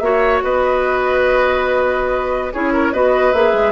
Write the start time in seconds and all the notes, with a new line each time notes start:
0.00 A#3 F#4 C#5 E5
0.43 B3 B4 D#5
2.53 C#4 E4 G#4 C#5
2.73 A#4
2.92 B3 F#4 B4 D#5
3.33 A#3 G#4 E5
3.53 G#3